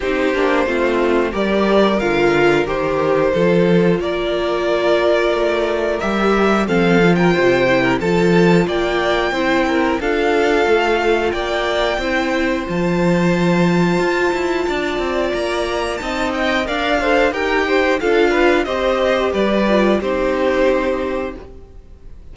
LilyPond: <<
  \new Staff \with { instrumentName = "violin" } { \time 4/4 \tempo 4 = 90 c''2 d''4 f''4 | c''2 d''2~ | d''4 e''4 f''8. g''4~ g''16 | a''4 g''2 f''4~ |
f''4 g''2 a''4~ | a''2. ais''4 | a''8 g''8 f''4 g''4 f''4 | dis''4 d''4 c''2 | }
  \new Staff \with { instrumentName = "violin" } { \time 4/4 g'4 f'4 ais'2~ | ais'4 a'4 ais'2~ | ais'2 a'8. ais'16 c''8. ais'16 | a'4 d''4 c''8 ais'8 a'4~ |
a'4 d''4 c''2~ | c''2 d''2 | dis''4 d''8 c''8 ais'8 c''8 a'8 b'8 | c''4 b'4 g'2 | }
  \new Staff \with { instrumentName = "viola" } { \time 4/4 dis'8 d'8 c'4 g'4 f'4 | g'4 f'2.~ | f'4 g'4 c'8 f'4 e'8 | f'2 e'4 f'4~ |
f'2 e'4 f'4~ | f'1 | dis'4 ais'8 a'8 g'4 f'4 | g'4. f'8 dis'2 | }
  \new Staff \with { instrumentName = "cello" } { \time 4/4 c'8 ais8 a4 g4 d4 | dis4 f4 ais2 | a4 g4 f4 c4 | f4 ais4 c'4 d'4 |
a4 ais4 c'4 f4~ | f4 f'8 e'8 d'8 c'8 ais4 | c'4 d'4 dis'4 d'4 | c'4 g4 c'2 | }
>>